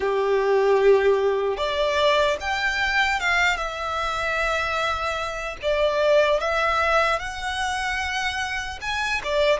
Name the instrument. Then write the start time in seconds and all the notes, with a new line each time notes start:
violin
0.00 G4
1.57 D5
2.40 G5
3.20 F5
3.56 E5
5.61 D5
6.40 E5
7.19 F#5
8.81 G#5
9.23 D5